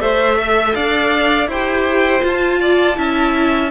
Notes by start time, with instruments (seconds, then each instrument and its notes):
0.00 cello A3, viola A4, violin C5 E5
0.40 violin E5
0.73 cello D4, violin D5 F5
1.47 cello E4, viola G4, violin C5 G5
2.19 viola F4, cello F4
2.27 violin A5
2.60 violin D5
2.95 cello C#4, viola E4, violin E5